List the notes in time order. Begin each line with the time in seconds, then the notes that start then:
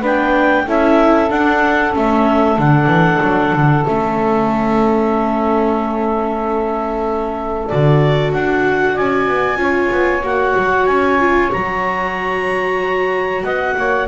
0.00 B3 D4 B4 G5
0.65 C#4 E4 A4 E5
1.30 D4 F#5
1.92 A3 C#4 E5
2.57 D3 D4 F#5
2.86 E3
3.22 F#3
3.53 D3
3.85 A3 C#4 E5
7.67 D3 F#4 D5
8.33 D4 F#5
8.94 C#4 D5 G#5
9.28 B3
9.56 C#4 F4 C#5
9.91 B3
10.22 A#3 F#4 F#5
10.56 F#3
10.86 C#4 G#5
11.18 F4
11.51 F#3 F#4 A#5
13.43 B3 D#5 F#5
13.76 A#3 C#5